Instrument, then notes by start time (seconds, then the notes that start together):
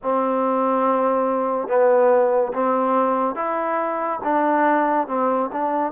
trombone
0.02 C4
1.67 B3
2.53 C4
3.35 E4
4.23 D4
5.07 C4
5.52 D4